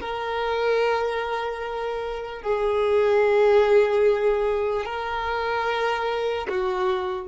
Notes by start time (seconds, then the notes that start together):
0.00 A#4
2.42 G#4
4.85 A#4
6.48 F#4